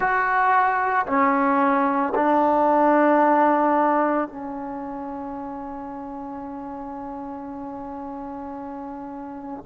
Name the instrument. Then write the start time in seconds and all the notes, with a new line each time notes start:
trombone
0.00 F#4
1.06 C#4
2.14 D4
4.28 C#4